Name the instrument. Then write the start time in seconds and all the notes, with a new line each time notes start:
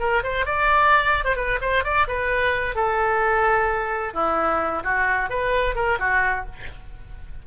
oboe
0.00 A#4
0.23 C5
0.46 D5
1.25 C5
1.36 B4
1.61 C5
1.84 D5
2.08 B4
2.75 A4
4.14 E4
4.84 F#4
5.30 B4
5.75 A#4
6.00 F#4